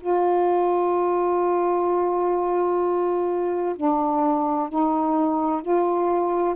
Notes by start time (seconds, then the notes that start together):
0.00 F4
3.75 D4
4.69 D#4
5.61 F4